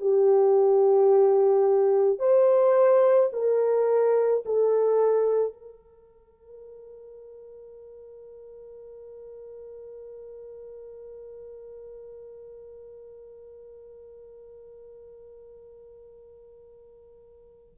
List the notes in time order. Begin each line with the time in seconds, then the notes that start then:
0.00 G4
2.19 C5
3.32 A#4
4.45 A4
5.53 A#4